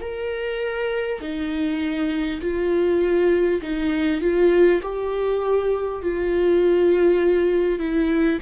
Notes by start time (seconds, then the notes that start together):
0.00 A#4
1.21 D#4
2.41 F4
3.62 D#4
4.21 F4
4.82 G4
6.02 F4
7.78 E4